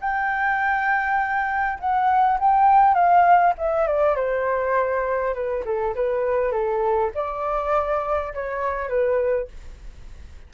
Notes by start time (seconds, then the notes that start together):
0.00 G5
1.79 F#5
2.39 G5
2.94 F5
3.58 E5
3.86 D5
4.16 C5
5.34 B4
5.64 A4
5.95 B4
6.51 A4
7.14 D5
8.33 C#5
8.88 B4